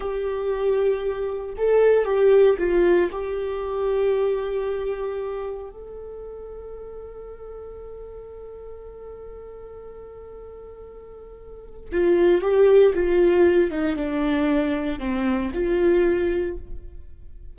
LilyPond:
\new Staff \with { instrumentName = "viola" } { \time 4/4 \tempo 4 = 116 g'2. a'4 | g'4 f'4 g'2~ | g'2. a'4~ | a'1~ |
a'1~ | a'2. f'4 | g'4 f'4. dis'8 d'4~ | d'4 c'4 f'2 | }